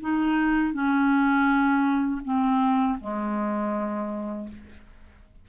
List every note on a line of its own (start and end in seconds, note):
0.00 0.73 D#4
0.73 2.21 C#4
2.24 2.98 C4
3.00 4.48 G#3